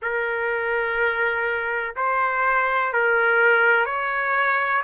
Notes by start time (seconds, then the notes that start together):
0.01 A#4
1.96 C5
2.93 A#4
3.85 C#5